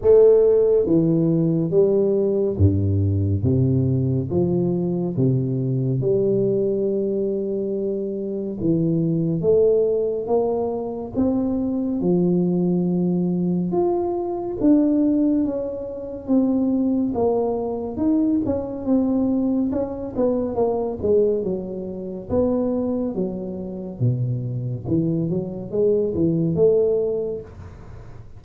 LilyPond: \new Staff \with { instrumentName = "tuba" } { \time 4/4 \tempo 4 = 70 a4 e4 g4 g,4 | c4 f4 c4 g4~ | g2 e4 a4 | ais4 c'4 f2 |
f'4 d'4 cis'4 c'4 | ais4 dis'8 cis'8 c'4 cis'8 b8 | ais8 gis8 fis4 b4 fis4 | b,4 e8 fis8 gis8 e8 a4 | }